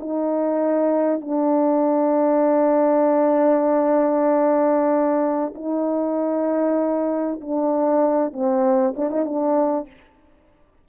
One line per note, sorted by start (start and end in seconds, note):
0.00 1.21 D#4
1.21 5.54 D4
5.55 7.41 D#4
7.41 8.33 D4
8.33 8.95 C4
8.97 9.11 D4
9.11 9.26 D#4
9.26 9.87 D4